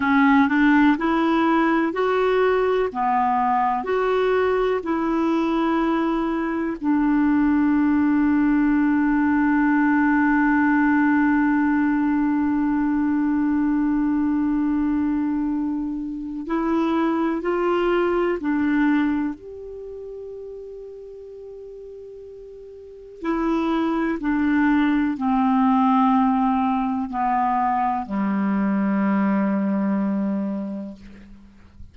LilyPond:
\new Staff \with { instrumentName = "clarinet" } { \time 4/4 \tempo 4 = 62 cis'8 d'8 e'4 fis'4 b4 | fis'4 e'2 d'4~ | d'1~ | d'1~ |
d'4 e'4 f'4 d'4 | g'1 | e'4 d'4 c'2 | b4 g2. | }